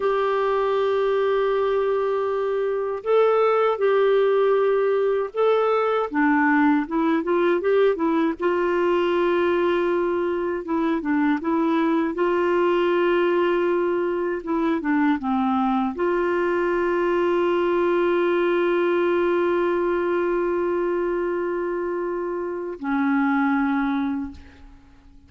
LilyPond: \new Staff \with { instrumentName = "clarinet" } { \time 4/4 \tempo 4 = 79 g'1 | a'4 g'2 a'4 | d'4 e'8 f'8 g'8 e'8 f'4~ | f'2 e'8 d'8 e'4 |
f'2. e'8 d'8 | c'4 f'2.~ | f'1~ | f'2 cis'2 | }